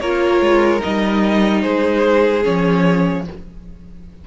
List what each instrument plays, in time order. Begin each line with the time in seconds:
0.00 cello A#3, viola F4, violin A#4 C#5
0.41 cello G#3
0.80 cello G3, viola D#4, violin D#5
1.62 cello G#3, violin G#4 C5
2.43 cello F3, viola C#4, violin C#5